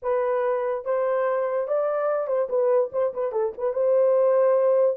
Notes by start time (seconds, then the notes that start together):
0.02 B4
0.84 C5
1.67 D5
2.27 C5
2.49 B4
2.92 C5
3.13 B4
3.31 A4
3.57 B4
3.73 C5